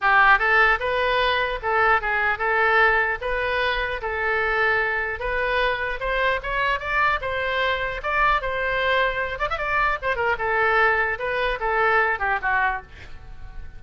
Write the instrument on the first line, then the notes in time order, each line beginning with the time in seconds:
oboe
0.01 G4
0.38 A4
0.79 B4
1.62 A4
2.01 G#4
2.38 A4
3.21 B4
4.01 A4
5.19 B4
6.00 C5
6.43 C#5
6.79 D5
7.21 C5
8.02 D5
8.41 C5
9.38 D5
9.49 E5
9.58 D5
10.01 C5
10.15 A#4
10.38 A4
11.18 B4
11.60 A4
12.19 G4
12.42 F#4